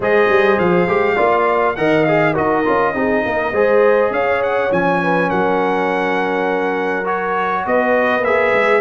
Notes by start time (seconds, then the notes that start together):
0.00 G#3 G#4 C5 D#5
0.29 G3
0.58 F3 F5
0.87 G#3 G4
1.15 A#3 F4 D5
1.75 D#3 A#4 D#5 F#5
2.04 G#4 F5
2.33 D#4 F#4 A#4 D#5
2.64 C#4 F4
2.94 C4 D#4 G#4
3.24 A#3 A#4
3.52 G#3 G#4 C5
4.10 C#4 C#5 F5
4.42 F#5
4.70 F3 C#4 G#5
5.02 B4
5.28 F#3 A#4 F#5
7.04 F#4 C#5
7.66 B3 B4 D#5
8.22 A#3 G#4 E5
8.53 G#3